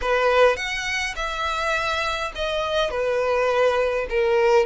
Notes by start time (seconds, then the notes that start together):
0.01 B4
0.56 F#5
1.15 E5
2.35 D#5
2.90 B4
4.09 A#4